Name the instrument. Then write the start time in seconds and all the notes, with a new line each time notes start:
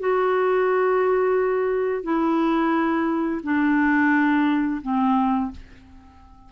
clarinet
0.00 F#4
2.04 E4
3.44 D4
4.82 C4